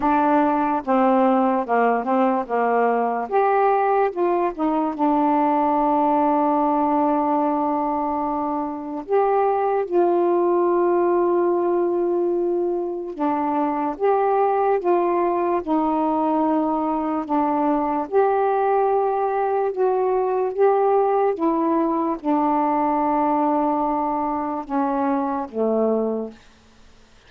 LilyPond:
\new Staff \with { instrumentName = "saxophone" } { \time 4/4 \tempo 4 = 73 d'4 c'4 ais8 c'8 ais4 | g'4 f'8 dis'8 d'2~ | d'2. g'4 | f'1 |
d'4 g'4 f'4 dis'4~ | dis'4 d'4 g'2 | fis'4 g'4 e'4 d'4~ | d'2 cis'4 a4 | }